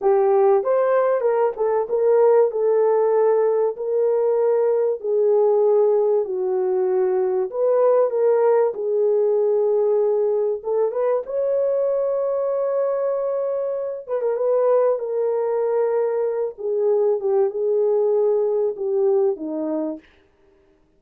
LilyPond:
\new Staff \with { instrumentName = "horn" } { \time 4/4 \tempo 4 = 96 g'4 c''4 ais'8 a'8 ais'4 | a'2 ais'2 | gis'2 fis'2 | b'4 ais'4 gis'2~ |
gis'4 a'8 b'8 cis''2~ | cis''2~ cis''8 b'16 ais'16 b'4 | ais'2~ ais'8 gis'4 g'8 | gis'2 g'4 dis'4 | }